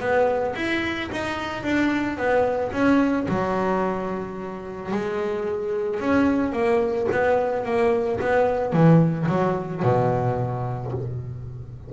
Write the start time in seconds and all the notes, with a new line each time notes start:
0.00 B3
0.56 E4
1.12 D#4
1.63 D4
2.17 B3
2.72 C#4
3.29 F#3
4.92 G#3
6.00 C#4
6.53 A#3
7.12 B3
7.65 A#3
8.20 B3
8.73 E3
9.29 F#3
9.83 B2